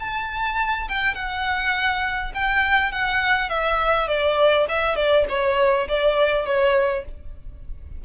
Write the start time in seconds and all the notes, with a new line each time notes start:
0.00 A5
0.89 G5
1.14 F#5
2.34 G5
2.92 F#5
3.49 E5
4.08 D5
4.69 E5
4.96 D5
5.29 C#5
5.88 D5
6.46 C#5